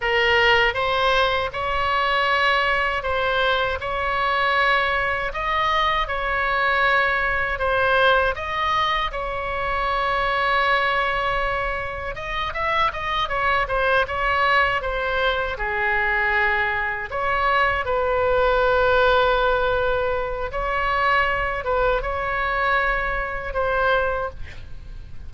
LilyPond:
\new Staff \with { instrumentName = "oboe" } { \time 4/4 \tempo 4 = 79 ais'4 c''4 cis''2 | c''4 cis''2 dis''4 | cis''2 c''4 dis''4 | cis''1 |
dis''8 e''8 dis''8 cis''8 c''8 cis''4 c''8~ | c''8 gis'2 cis''4 b'8~ | b'2. cis''4~ | cis''8 b'8 cis''2 c''4 | }